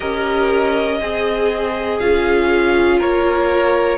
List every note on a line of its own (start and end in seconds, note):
0.00 1.00 C#4
0.00 0.99 G4
0.00 0.98 A#4
0.00 1.99 D#5
1.00 2.00 C4
1.00 2.98 G#4
1.00 2.00 G#4
1.99 3.00 C#4
1.99 3.98 F4
1.99 2.99 F5
2.98 3.98 A#3
2.98 3.98 A#4
2.98 3.98 C#5